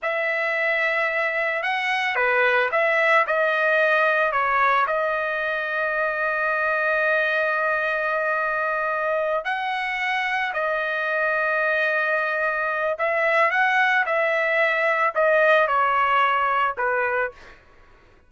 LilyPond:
\new Staff \with { instrumentName = "trumpet" } { \time 4/4 \tempo 4 = 111 e''2. fis''4 | b'4 e''4 dis''2 | cis''4 dis''2.~ | dis''1~ |
dis''4. fis''2 dis''8~ | dis''1 | e''4 fis''4 e''2 | dis''4 cis''2 b'4 | }